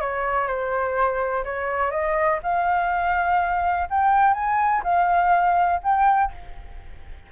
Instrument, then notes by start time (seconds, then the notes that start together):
flute
0.00 C#5
0.47 C5
1.44 C#5
1.91 D#5
2.43 F5
3.90 G5
4.33 G#5
4.83 F5
5.83 G5